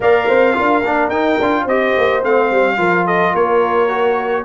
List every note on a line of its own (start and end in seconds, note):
0.00 0.28 A#3
0.00 0.53 A#4
0.00 0.28 D5
0.00 1.09 F5
0.28 0.58 C4
0.28 0.56 C5
0.53 0.81 D4
0.53 0.81 F4
0.53 1.64 A#4
0.81 1.09 A#3
0.81 1.12 D4
1.09 1.36 D#4
1.09 1.40 D#4
1.09 1.65 G5
1.39 1.65 D4
1.39 1.69 F4
1.64 1.93 C4
1.64 2.22 G4
1.64 2.75 C5
1.64 2.23 D#5
1.97 2.23 A#3
2.22 2.50 A3
2.22 2.77 C4
2.22 3.06 F5
2.50 2.77 G3
2.77 3.33 F3
2.77 3.88 F4
2.77 3.05 A#4
3.05 3.31 A4
3.05 3.34 D#5
3.31 4.44 A#3
3.31 4.42 A#4
3.31 4.44 C#5
3.88 4.44 F#4